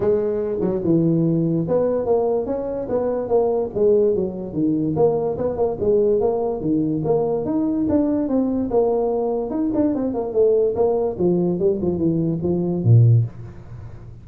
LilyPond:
\new Staff \with { instrumentName = "tuba" } { \time 4/4 \tempo 4 = 145 gis4. fis8 e2 | b4 ais4 cis'4 b4 | ais4 gis4 fis4 dis4 | ais4 b8 ais8 gis4 ais4 |
dis4 ais4 dis'4 d'4 | c'4 ais2 dis'8 d'8 | c'8 ais8 a4 ais4 f4 | g8 f8 e4 f4 ais,4 | }